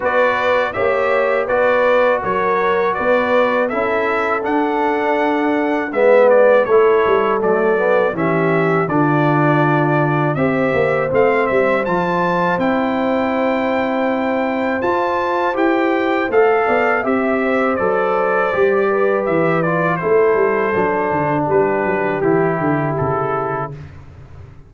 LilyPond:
<<
  \new Staff \with { instrumentName = "trumpet" } { \time 4/4 \tempo 4 = 81 d''4 e''4 d''4 cis''4 | d''4 e''4 fis''2 | e''8 d''8 cis''4 d''4 e''4 | d''2 e''4 f''8 e''8 |
a''4 g''2. | a''4 g''4 f''4 e''4 | d''2 e''8 d''8 c''4~ | c''4 b'4 g'4 a'4 | }
  \new Staff \with { instrumentName = "horn" } { \time 4/4 b'4 cis''4 b'4 ais'4 | b'4 a'2. | b'4 a'2 g'4 | f'2 c''2~ |
c''1~ | c''2~ c''8 d''8 e''8 c''8~ | c''4. b'4. a'4~ | a'4 g'2. | }
  \new Staff \with { instrumentName = "trombone" } { \time 4/4 fis'4 g'4 fis'2~ | fis'4 e'4 d'2 | b4 e'4 a8 b8 cis'4 | d'2 g'4 c'4 |
f'4 e'2. | f'4 g'4 a'4 g'4 | a'4 g'4. f'8 e'4 | d'2 e'2 | }
  \new Staff \with { instrumentName = "tuba" } { \time 4/4 b4 ais4 b4 fis4 | b4 cis'4 d'2 | gis4 a8 g8 fis4 e4 | d2 c'8 ais8 a8 g8 |
f4 c'2. | f'4 e'4 a8 b8 c'4 | fis4 g4 e4 a8 g8 | fis8 d8 g8 fis8 e8 d8 cis4 | }
>>